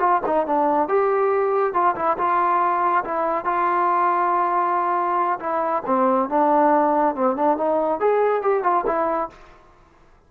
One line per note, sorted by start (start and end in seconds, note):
0.00 0.22 F4
0.26 0.47 D#4
0.47 0.89 D4
0.89 1.74 G4
1.74 1.96 F4
1.96 2.18 E4
2.18 3.05 F4
3.05 3.45 E4
3.45 5.40 F4
5.40 5.84 E4
5.87 6.30 C4
6.30 7.16 D4
7.16 7.37 C4
7.37 7.58 D4
7.58 8.01 D#4
8.01 8.43 G#4
8.43 8.64 G4
8.64 8.85 F4
8.87 9.30 E4